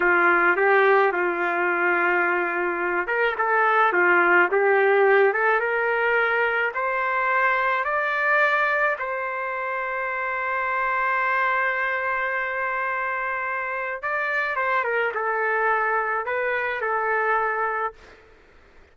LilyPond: \new Staff \with { instrumentName = "trumpet" } { \time 4/4 \tempo 4 = 107 f'4 g'4 f'2~ | f'4. ais'8 a'4 f'4 | g'4. a'8 ais'2 | c''2 d''2 |
c''1~ | c''1~ | c''4 d''4 c''8 ais'8 a'4~ | a'4 b'4 a'2 | }